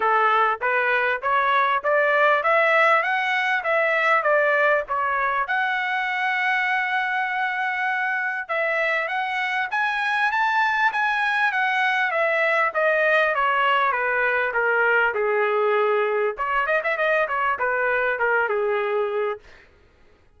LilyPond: \new Staff \with { instrumentName = "trumpet" } { \time 4/4 \tempo 4 = 99 a'4 b'4 cis''4 d''4 | e''4 fis''4 e''4 d''4 | cis''4 fis''2.~ | fis''2 e''4 fis''4 |
gis''4 a''4 gis''4 fis''4 | e''4 dis''4 cis''4 b'4 | ais'4 gis'2 cis''8 dis''16 e''16 | dis''8 cis''8 b'4 ais'8 gis'4. | }